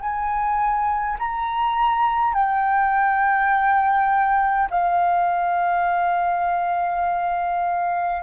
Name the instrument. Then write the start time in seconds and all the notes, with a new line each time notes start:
flute
0.00 G#5
1.19 A#5
2.34 G5
4.71 F5